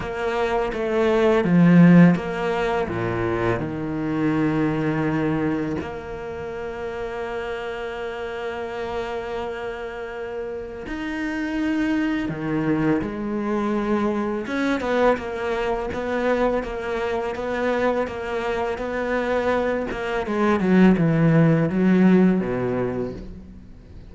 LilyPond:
\new Staff \with { instrumentName = "cello" } { \time 4/4 \tempo 4 = 83 ais4 a4 f4 ais4 | ais,4 dis2. | ais1~ | ais2. dis'4~ |
dis'4 dis4 gis2 | cis'8 b8 ais4 b4 ais4 | b4 ais4 b4. ais8 | gis8 fis8 e4 fis4 b,4 | }